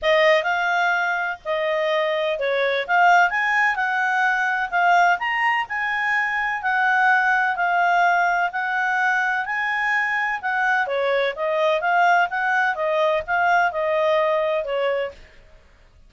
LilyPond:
\new Staff \with { instrumentName = "clarinet" } { \time 4/4 \tempo 4 = 127 dis''4 f''2 dis''4~ | dis''4 cis''4 f''4 gis''4 | fis''2 f''4 ais''4 | gis''2 fis''2 |
f''2 fis''2 | gis''2 fis''4 cis''4 | dis''4 f''4 fis''4 dis''4 | f''4 dis''2 cis''4 | }